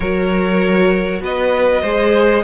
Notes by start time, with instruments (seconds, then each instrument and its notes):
0.00 cello F#3, viola F#4, violin A#4 C#5
1.21 cello B3, violin B4 D#5
1.82 cello G#3, viola G#4, violin C5